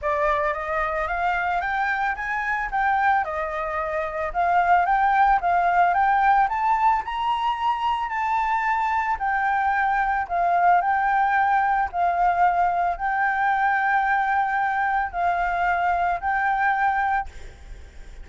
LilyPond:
\new Staff \with { instrumentName = "flute" } { \time 4/4 \tempo 4 = 111 d''4 dis''4 f''4 g''4 | gis''4 g''4 dis''2 | f''4 g''4 f''4 g''4 | a''4 ais''2 a''4~ |
a''4 g''2 f''4 | g''2 f''2 | g''1 | f''2 g''2 | }